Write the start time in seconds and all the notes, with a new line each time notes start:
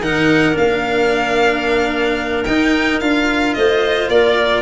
0.00 D#3 D#4 A#4 F#5
0.52 A#3 D4 F5
2.44 D#4 G5
3.00 D4 F4 F5
3.54 A3 C5 D#5
4.08 A#3 A#4 D5